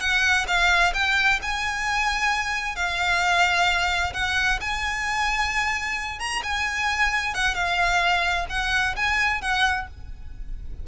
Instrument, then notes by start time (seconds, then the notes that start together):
violin
0.00 F#5
0.47 F5
0.94 G5
1.42 G#5
2.76 F5
4.13 F#5
4.61 G#5
6.19 A#5
6.43 G#5
7.34 F#5
7.54 F5
8.49 F#5
8.96 G#5
9.41 F#5